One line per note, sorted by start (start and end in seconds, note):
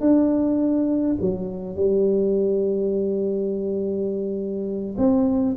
0.00 1.17 D4
1.20 1.75 F#3
1.75 4.96 G3
4.98 5.56 C4